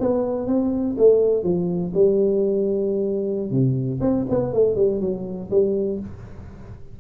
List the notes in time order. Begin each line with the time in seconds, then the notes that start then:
0.00 B3
0.47 C4
0.98 A3
1.43 F3
1.94 G3
3.51 C3
4.01 C4
4.29 B3
4.53 A3
4.76 G3
5.00 F#3
5.50 G3